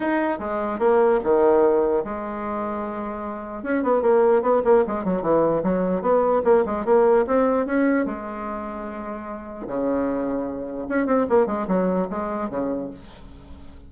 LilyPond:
\new Staff \with { instrumentName = "bassoon" } { \time 4/4 \tempo 4 = 149 dis'4 gis4 ais4 dis4~ | dis4 gis2.~ | gis4 cis'8 b8 ais4 b8 ais8 | gis8 fis8 e4 fis4 b4 |
ais8 gis8 ais4 c'4 cis'4 | gis1 | cis2. cis'8 c'8 | ais8 gis8 fis4 gis4 cis4 | }